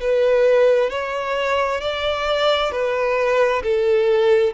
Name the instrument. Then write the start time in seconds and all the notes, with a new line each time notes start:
violin
0.00 B4
0.90 C#5
1.81 D5
2.71 B4
3.63 A4